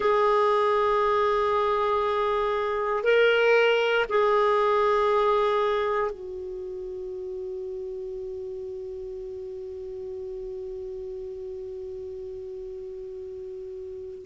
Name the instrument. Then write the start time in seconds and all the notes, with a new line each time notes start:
clarinet
0.00 G#4
3.03 A#4
4.09 G#4
6.11 F#4